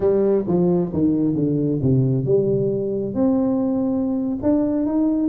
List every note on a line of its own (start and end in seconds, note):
0.00 0.45 G3
0.47 0.92 F3
0.93 1.35 D#3
1.35 1.80 D3
1.82 2.25 C3
2.25 3.14 G3
3.14 4.38 C4
4.42 4.86 D4
4.86 5.29 D#4